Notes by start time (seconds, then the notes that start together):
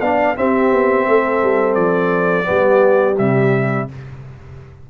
0.00 B3 D4 D5 F5
0.35 C4 G4 E5
0.72 B3
1.06 A3 A4
1.42 G3
1.74 F3 D5
2.44 G3 B3 G4
3.18 C3 G3 E5